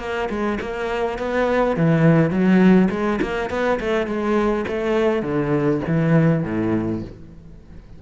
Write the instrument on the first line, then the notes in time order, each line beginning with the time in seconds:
cello
0.00 A#3
0.30 G#3
0.61 A#3
1.19 B3
1.77 E3
2.30 F#3
2.90 G#3
3.22 A#3
3.50 B3
3.80 A3
4.07 G#3
4.68 A3
5.22 D3
5.87 E3
6.44 A2